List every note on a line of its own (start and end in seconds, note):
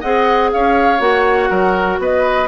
0.00 0.53 C4
0.00 0.99 G#4
0.00 0.50 D#5
0.00 0.50 F#5
0.51 0.99 C#4
0.51 1.49 C#5
0.51 1.00 F5
0.99 1.49 A#3
0.99 2.48 F#4
0.99 1.99 F#5
1.49 1.99 F#3
1.49 1.99 A#4
1.99 2.48 B3
1.99 2.48 B4
1.99 2.48 D#5